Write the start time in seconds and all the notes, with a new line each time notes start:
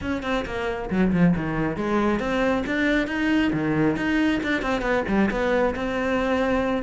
0.01 C#4
0.22 C4
0.45 A#3
0.89 F#3
1.12 F3
1.36 D#3
1.76 G#3
2.19 C4
2.66 D4
3.07 D#4
3.52 D#3
3.96 D#4
4.43 D4
4.62 C4
4.81 B3
5.08 G3
5.30 B3
5.75 C4